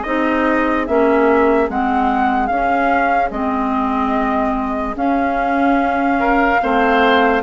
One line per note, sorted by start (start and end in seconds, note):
0.00 0.87 C4
0.00 0.87 D#4
0.00 6.16 G#4
0.00 0.85 D#5
0.87 1.69 A#3
0.87 1.68 C#4
0.87 1.69 E5
1.68 2.49 G#3
1.68 2.49 C4
1.68 2.46 F#5
2.46 3.30 C#4
2.46 3.31 C#4
2.46 3.29 F5
3.30 4.95 G#3
3.30 4.95 C4
3.30 4.95 D#5
4.95 6.59 C#4
4.95 6.60 C#4
4.95 7.42 F5
6.19 6.60 A#4
6.61 7.42 A3
6.61 7.42 C4
6.61 7.42 C5